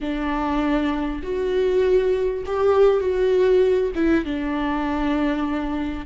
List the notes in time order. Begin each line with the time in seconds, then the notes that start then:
0.00 D4
1.22 F#4
2.45 G4
3.00 F#4
3.95 E4
4.24 D4